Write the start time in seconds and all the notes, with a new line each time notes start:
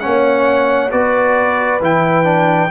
0.00 A#3 C#4 C#5 F#5
0.90 B3 F#4 B4 D5
1.80 E3 E4 G5
2.24 D4